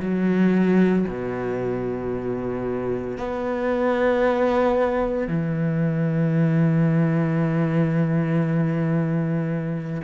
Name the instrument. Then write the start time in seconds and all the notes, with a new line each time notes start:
cello
0.00 F#3
1.08 B2
3.17 B3
5.28 E3